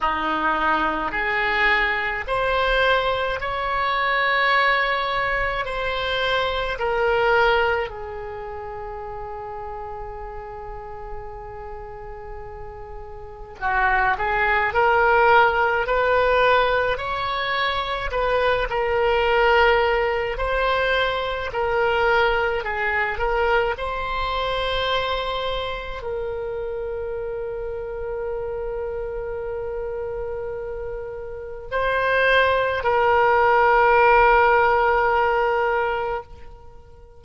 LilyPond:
\new Staff \with { instrumentName = "oboe" } { \time 4/4 \tempo 4 = 53 dis'4 gis'4 c''4 cis''4~ | cis''4 c''4 ais'4 gis'4~ | gis'1 | fis'8 gis'8 ais'4 b'4 cis''4 |
b'8 ais'4. c''4 ais'4 | gis'8 ais'8 c''2 ais'4~ | ais'1 | c''4 ais'2. | }